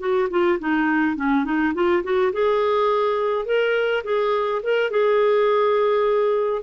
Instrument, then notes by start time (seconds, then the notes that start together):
clarinet
0.00 F#4
0.30 F4
0.60 D#4
1.16 C#4
1.45 D#4
1.74 F4
2.04 F#4
2.33 G#4
3.46 A#4
4.04 G#4
4.63 A#4
4.91 G#4